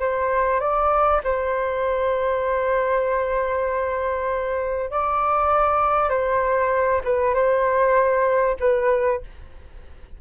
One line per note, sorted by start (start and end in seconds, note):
0.00 0.60 C5
0.60 1.22 D5
1.24 4.91 C5
4.91 6.10 D5
6.10 7.02 C5
7.04 7.35 B4
7.35 8.57 C5
8.60 9.21 B4